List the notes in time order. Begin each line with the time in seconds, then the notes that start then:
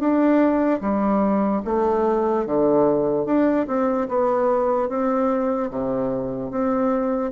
0.00 D4
0.81 G3
1.65 A3
2.47 D3
3.26 D4
3.68 C4
4.09 B3
4.89 C4
5.71 C3
6.51 C4